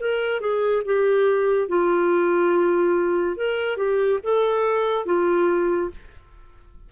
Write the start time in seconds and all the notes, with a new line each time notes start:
0.00 A#4
0.40 G#4
0.85 G4
1.68 F4
3.36 A#4
3.77 G4
4.23 A4
5.05 F4